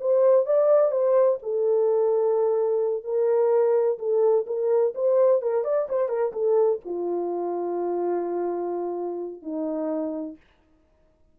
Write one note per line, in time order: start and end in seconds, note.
0.00 0.46 C5
0.46 0.91 D5
0.91 1.38 C5
1.43 3.03 A4
3.03 3.98 A#4
3.98 4.46 A4
4.46 4.93 A#4
4.95 5.42 C5
5.42 5.64 A#4
5.64 5.88 D5
5.89 6.09 C5
6.09 6.32 A#4
6.32 6.80 A4
6.85 9.42 F4
9.42 10.36 D#4